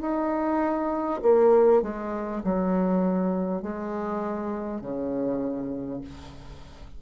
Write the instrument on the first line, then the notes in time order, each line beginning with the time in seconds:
bassoon
0.00 D#4
1.22 A#3
1.82 G#3
2.44 F#3
3.62 G#3
4.81 C#3